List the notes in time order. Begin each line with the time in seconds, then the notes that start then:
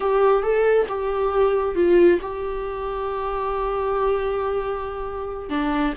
0.00 G4
0.42 A4
0.88 G4
1.75 F4
2.21 G4
5.49 D4